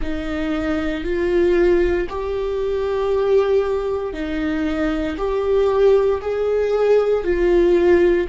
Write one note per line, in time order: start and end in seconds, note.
0.01 1.03 D#4
1.03 2.07 F4
2.09 4.13 G4
4.13 5.16 D#4
5.17 6.21 G4
6.21 7.24 G#4
7.24 8.27 F4